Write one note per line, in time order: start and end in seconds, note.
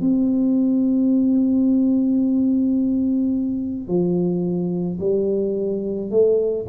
0.00 3.87 C4
3.87 4.98 F3
5.00 6.10 G3
6.10 6.66 A3